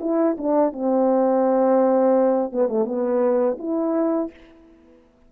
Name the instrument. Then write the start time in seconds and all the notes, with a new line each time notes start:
horn
0.00 E4
0.38 D4
0.72 C4
2.52 B3
2.68 A3
2.85 B3
3.58 E4